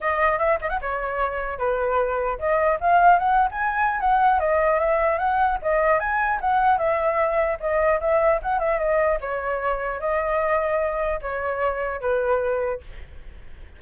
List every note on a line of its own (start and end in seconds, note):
0.00 0.38 D#5
0.38 0.58 E5
0.61 0.69 D#5
0.69 0.79 F#5
0.81 1.58 C#5
1.58 2.38 B4
2.38 2.78 D#5
2.80 3.19 F5
3.19 3.49 F#5
3.51 4.00 G#5
4.00 4.39 F#5
4.39 4.79 D#5
4.79 5.18 E5
5.18 5.58 F#5
5.62 5.99 D#5
5.99 6.39 G#5
6.40 6.78 F#5
6.78 7.58 E5
7.60 8.00 D#5
8.00 8.40 E5
8.42 8.59 F#5
8.59 8.78 E5
8.78 9.18 D#5
9.21 10.00 C#5
10.00 11.20 D#5
11.21 12.00 C#5
12.00 12.80 B4